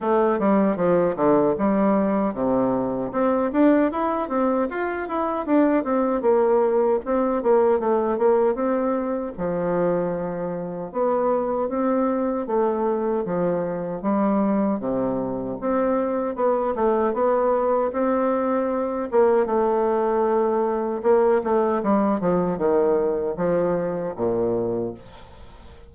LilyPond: \new Staff \with { instrumentName = "bassoon" } { \time 4/4 \tempo 4 = 77 a8 g8 f8 d8 g4 c4 | c'8 d'8 e'8 c'8 f'8 e'8 d'8 c'8 | ais4 c'8 ais8 a8 ais8 c'4 | f2 b4 c'4 |
a4 f4 g4 c4 | c'4 b8 a8 b4 c'4~ | c'8 ais8 a2 ais8 a8 | g8 f8 dis4 f4 ais,4 | }